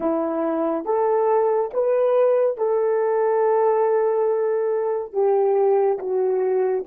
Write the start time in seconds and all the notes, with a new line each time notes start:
0.00 E4
0.85 A4
1.73 B4
2.57 A4
5.12 G4
5.98 F#4